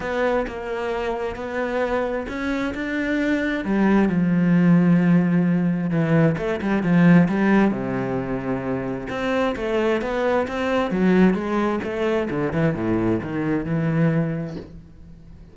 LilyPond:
\new Staff \with { instrumentName = "cello" } { \time 4/4 \tempo 4 = 132 b4 ais2 b4~ | b4 cis'4 d'2 | g4 f2.~ | f4 e4 a8 g8 f4 |
g4 c2. | c'4 a4 b4 c'4 | fis4 gis4 a4 d8 e8 | a,4 dis4 e2 | }